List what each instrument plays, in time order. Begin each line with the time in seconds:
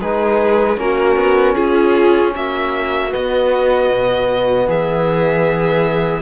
0.00 cello G#3, trombone D#4, viola G#4, violin B4
0.76 cello A#3, trombone C#4, viola F#4, violin A#4
1.16 cello B3
1.55 cello C#4, viola F4, violin G#4
2.35 cello A#3, viola F#4, violin E5
3.10 trombone B3, violin D#5
3.16 cello B3
3.90 cello B2
4.67 cello E3, viola G#4, violin E5